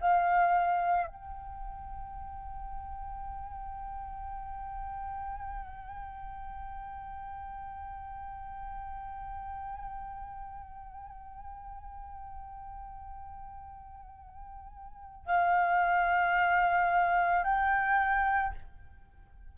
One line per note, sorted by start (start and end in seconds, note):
0.00 1.07 F5
1.07 15.25 G5
15.26 17.43 F5
17.43 18.53 G5